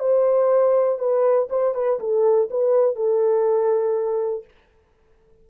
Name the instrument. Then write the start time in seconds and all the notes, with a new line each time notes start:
horn
0.00 C5
0.99 B4
1.50 C5
1.75 B4
2.00 A4
2.51 B4
2.96 A4